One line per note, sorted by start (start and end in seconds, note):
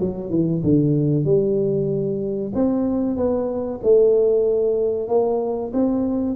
0.00 0.30 F#3
0.30 0.62 E3
0.64 1.25 D3
1.25 2.52 G3
2.55 3.17 C4
3.17 3.81 B3
3.83 5.09 A3
5.09 5.72 A#3
5.74 6.36 C4